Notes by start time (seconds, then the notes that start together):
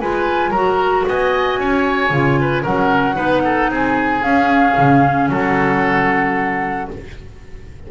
0.00 G#3 F4 B4 G#5
0.51 F#3 F#4 A#4 A#5
1.08 B3 D#5 G#5
1.59 C#4 C#5
2.11 C#3 F4
2.41 B4
2.63 F#3 C#4 A#4 F#5
3.15 B3 D#4 B4
3.44 A4
3.70 C4 G#4 G#5
4.23 C#4 F5
4.78 C#3
5.29 F#3 A4 F#5